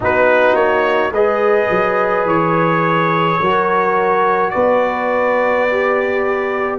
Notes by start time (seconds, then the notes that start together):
0.00 B3 D#4 F#4 B4
0.54 A#3 C#5
1.10 G#3 G#4 B4 D#5
1.70 F#3
2.25 E3 C#5
3.40 F#3 F#4 A#4
4.50 B3 B4 D5
5.70 G4